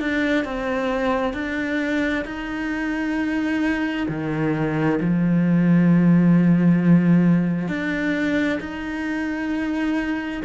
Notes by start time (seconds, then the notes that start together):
0.00 D4
0.45 C4
1.34 D4
2.26 D#4
4.09 D#3
5.01 F3
7.69 D4
8.60 D#4